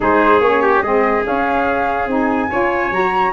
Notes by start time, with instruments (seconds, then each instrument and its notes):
0.00 tuba G#3, saxophone D#4, trumpet G#4, flute C5
0.39 tuba A#3, saxophone C#4, flute C#5
0.62 trumpet G4
0.81 tuba G#3, saxophone C4, trumpet G#4, flute D#5
1.24 saxophone C#4, tuba C#4, flute F5
2.07 tuba C4, saxophone D#4, flute G#5
2.50 tuba C#4, saxophone F4, trumpet C#5
2.90 tuba F#3, saxophone F#4, flute A#5